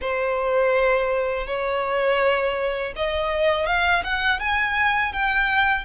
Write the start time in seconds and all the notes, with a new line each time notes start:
0.01 C5
1.46 C#5
2.95 D#5
3.66 F5
4.03 F#5
4.39 G#5
5.13 G5